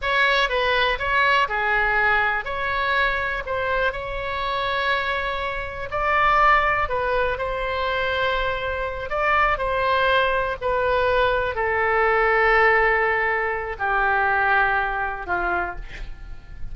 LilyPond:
\new Staff \with { instrumentName = "oboe" } { \time 4/4 \tempo 4 = 122 cis''4 b'4 cis''4 gis'4~ | gis'4 cis''2 c''4 | cis''1 | d''2 b'4 c''4~ |
c''2~ c''8 d''4 c''8~ | c''4. b'2 a'8~ | a'1 | g'2. f'4 | }